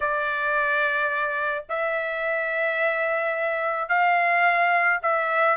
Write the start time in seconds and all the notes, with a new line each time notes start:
0.00 D5
1.69 E5
3.88 F5
5.02 E5